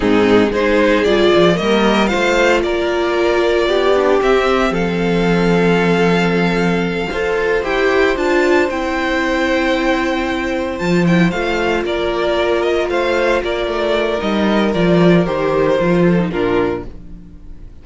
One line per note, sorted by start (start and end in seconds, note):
0.00 0.51 G#2
0.00 0.50 C4
0.00 0.51 D#4
0.00 0.52 G#4
0.51 1.04 G#3
0.51 1.05 D#4
0.51 1.56 G#4
0.51 1.04 C5
1.04 1.31 G3
1.04 1.54 F4
1.04 1.56 D5
1.35 1.60 F3
1.54 2.12 G3
1.54 2.07 A#3
1.54 2.07 D#5
1.62 2.09 A#4
2.07 3.92 F4
2.07 2.61 C5
2.07 2.59 F5
2.14 2.64 A3
2.62 3.66 A#3
2.62 3.68 A#4
2.62 4.20 D5
3.66 4.19 B3
3.66 4.72 G4
3.96 4.22 D4
4.22 7.11 C4
4.22 4.70 C4
4.22 4.74 E5
4.70 7.07 F3
4.70 7.09 A4
4.70 7.63 F5
7.10 7.63 F4
7.10 7.63 A4
7.10 11.84 C5
7.63 8.16 E4
7.63 8.15 G4
7.63 8.16 G5
8.16 8.69 D4
8.16 8.69 F4
8.16 8.69 A5
8.69 10.79 C4
8.69 10.79 E4
8.69 10.78 G5
10.78 11.32 F3
10.78 11.06 F4
10.78 11.04 A5
11.07 11.33 E4
11.07 11.30 G5
11.30 11.84 A3
11.30 14.18 F4
11.30 11.83 F5
11.84 12.89 A#3
11.84 12.90 A#4
11.84 12.61 D5
12.61 12.88 D#5
12.89 13.41 A3
12.89 13.42 C5
12.89 13.42 F5
13.42 13.66 A#3
13.42 16.02 A#4
13.42 14.20 D5
13.66 14.18 A3
14.18 14.74 G3
14.18 14.71 D#4
14.18 14.73 D#5
14.74 15.26 F3
14.74 15.25 F4
14.74 15.26 D5
15.25 15.79 D#3
15.25 15.78 G4
15.25 16.31 C5
15.79 16.32 F3
15.79 16.18 F4
16.02 16.28 A4
16.19 16.31 D#4
16.31 16.85 A#2
16.31 16.84 D4
16.31 16.85 F4
16.31 16.83 A#4